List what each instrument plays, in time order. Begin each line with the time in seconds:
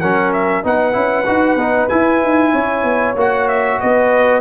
0.00 tuba F#3, trombone C#4, horn A#4, trumpet F#5
0.32 trumpet E5
0.63 tuba B3, trombone D#4, horn B4, trumpet F#5
0.92 tuba C#4, trombone E4
1.26 tuba D#4, trombone F#4
1.56 tuba B3, trombone D#4
1.89 trombone E4, tuba E4, trumpet G#5
2.22 tuba D#4
2.52 tuba C#4, horn C#5
2.83 tuba B3
3.16 tuba A#3, trombone F#4, trumpet F#5
3.48 trumpet E5
3.80 tuba B3, horn B4, trumpet D#5